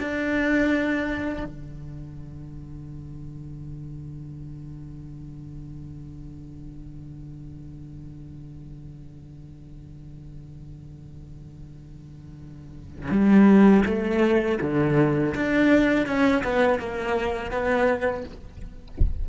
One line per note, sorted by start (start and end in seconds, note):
0.00 1.45 D4
1.45 13.12 D3
13.12 13.85 G3
13.86 14.59 A3
14.61 15.35 D3
15.35 16.07 D4
16.07 16.43 C#4
16.44 16.80 B3
16.80 17.51 A#3
17.51 18.25 B3